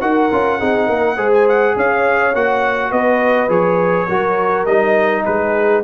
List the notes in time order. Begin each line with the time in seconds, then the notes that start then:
0.00 D#4 F#4 A#4 F#5
0.31 C#4 F4
0.59 C4 D#4 G#4
0.86 A#3 A#4
1.16 G#3 G#4 C5
1.33 G#5
1.48 F#5
1.76 C#4 C#5 F5
2.34 A#3 F#4 F#5
2.90 B3 B4 D#5
3.48 F3 G#4 C#5
4.07 F#3 F#4 A#4
4.65 G3 D#4 D#5
5.24 G#3 G#4 B4